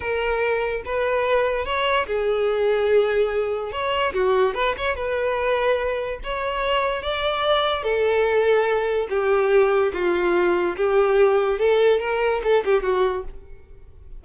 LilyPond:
\new Staff \with { instrumentName = "violin" } { \time 4/4 \tempo 4 = 145 ais'2 b'2 | cis''4 gis'2.~ | gis'4 cis''4 fis'4 b'8 cis''8 | b'2. cis''4~ |
cis''4 d''2 a'4~ | a'2 g'2 | f'2 g'2 | a'4 ais'4 a'8 g'8 fis'4 | }